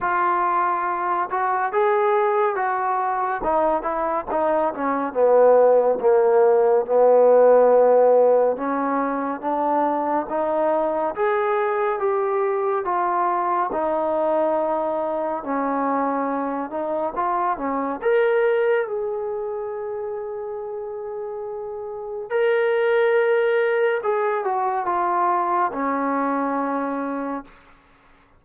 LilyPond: \new Staff \with { instrumentName = "trombone" } { \time 4/4 \tempo 4 = 70 f'4. fis'8 gis'4 fis'4 | dis'8 e'8 dis'8 cis'8 b4 ais4 | b2 cis'4 d'4 | dis'4 gis'4 g'4 f'4 |
dis'2 cis'4. dis'8 | f'8 cis'8 ais'4 gis'2~ | gis'2 ais'2 | gis'8 fis'8 f'4 cis'2 | }